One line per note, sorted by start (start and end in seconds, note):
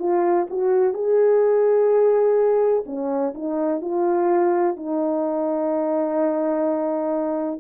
0.00 0.48 F4
0.51 0.94 F#4
0.94 2.84 G#4
2.86 3.34 C#4
3.35 3.82 D#4
3.82 4.77 F4
4.77 7.61 D#4